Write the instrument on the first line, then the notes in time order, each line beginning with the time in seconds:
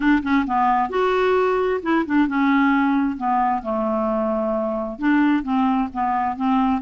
clarinet
0.00 D4
0.22 C#4
0.46 B3
0.89 F#4
1.82 E4
2.06 D4
2.27 C#4
3.17 B3
3.62 A3
4.98 D4
5.43 C4
5.93 B3
6.36 C4